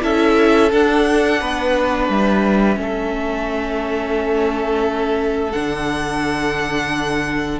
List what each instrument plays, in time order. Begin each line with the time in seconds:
0.00 cello C#4, viola E4, violin A4 E5
0.71 viola D4, cello D4, violin F#5
1.40 cello B3, violin B4
2.08 cello G3, violin E5
2.74 cello A3, viola C#4
2.81 violin A4
5.52 cello D3, viola D4, violin F#5